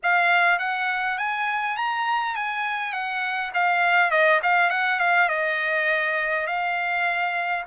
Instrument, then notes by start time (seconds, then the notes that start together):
trumpet
0.03 F5
0.59 F#5
1.17 G#5
1.76 A#5
2.35 G#5
2.93 F#5
3.53 F5
4.10 D#5
4.43 F5
4.70 F#5
4.99 F5
5.29 D#5
6.47 F5